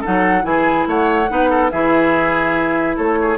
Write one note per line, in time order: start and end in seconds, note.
0.00 0.42 D#4
0.00 0.42 A4
0.00 0.44 F#5
0.06 0.43 F#3
0.42 0.85 E3
0.42 1.25 E4
0.42 0.88 G#4
0.42 0.86 G#5
0.87 1.29 A3
0.87 1.30 C#5
0.87 1.70 F#5
1.29 1.72 B3
1.29 1.71 D#4
1.29 1.50 B4
1.50 1.71 A4
1.70 2.98 E3
1.70 3.38 E4
1.70 2.96 G#4
1.70 2.96 E5
2.96 3.38 A3
2.96 3.17 A4
2.96 3.38 C#5
3.21 3.38 G#4